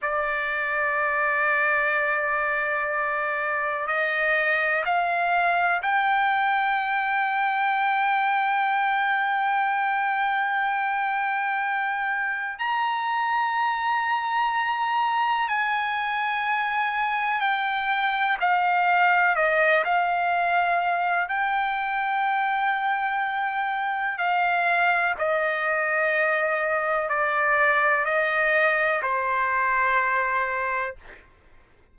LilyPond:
\new Staff \with { instrumentName = "trumpet" } { \time 4/4 \tempo 4 = 62 d''1 | dis''4 f''4 g''2~ | g''1~ | g''4 ais''2. |
gis''2 g''4 f''4 | dis''8 f''4. g''2~ | g''4 f''4 dis''2 | d''4 dis''4 c''2 | }